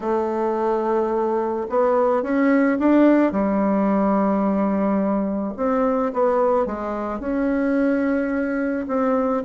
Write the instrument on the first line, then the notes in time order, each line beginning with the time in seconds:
bassoon
0.00 A3
1.69 B3
2.22 C#4
2.79 D4
3.32 G3
5.57 C4
6.13 B3
6.66 G#3
7.19 C#4
8.87 C4